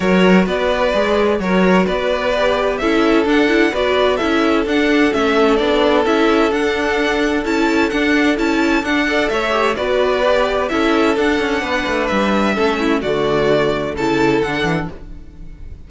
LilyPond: <<
  \new Staff \with { instrumentName = "violin" } { \time 4/4 \tempo 4 = 129 cis''4 d''2 cis''4 | d''2 e''4 fis''4 | d''4 e''4 fis''4 e''4 | d''4 e''4 fis''2 |
a''4 fis''4 a''4 fis''4 | e''4 d''2 e''4 | fis''2 e''2 | d''2 a''4 fis''4 | }
  \new Staff \with { instrumentName = "violin" } { \time 4/4 ais'4 b'2 ais'4 | b'2 a'2 | b'4 a'2.~ | a'1~ |
a'2.~ a'8 d''8 | cis''4 b'2 a'4~ | a'4 b'2 a'8 e'8 | fis'2 a'2 | }
  \new Staff \with { instrumentName = "viola" } { \time 4/4 fis'2 gis'4 fis'4~ | fis'4 g'4 e'4 d'8 e'8 | fis'4 e'4 d'4 cis'4 | d'4 e'4 d'2 |
e'4 d'4 e'4 d'8 a'8~ | a'8 g'8 fis'4 g'4 e'4 | d'2. cis'4 | a2 e'4 d'4 | }
  \new Staff \with { instrumentName = "cello" } { \time 4/4 fis4 b4 gis4 fis4 | b2 cis'4 d'4 | b4 cis'4 d'4 a4 | b4 cis'4 d'2 |
cis'4 d'4 cis'4 d'4 | a4 b2 cis'4 | d'8 cis'8 b8 a8 g4 a4 | d2 cis4 d8 e8 | }
>>